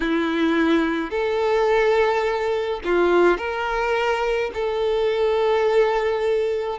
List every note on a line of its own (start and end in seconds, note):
0.00 1.10 E4
1.10 2.80 A4
2.84 3.37 F4
3.37 4.51 A#4
4.53 6.78 A4